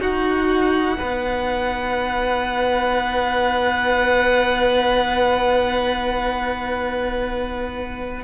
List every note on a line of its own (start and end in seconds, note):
0.00 0.97 D#4
0.00 8.24 D#4
0.00 0.98 F#4
0.00 8.24 F#5
0.98 8.24 B3
0.98 8.24 B4